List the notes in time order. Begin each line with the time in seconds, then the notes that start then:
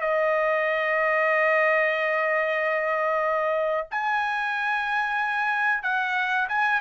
0.00 D#5
3.91 G#5
5.83 F#5
6.48 G#5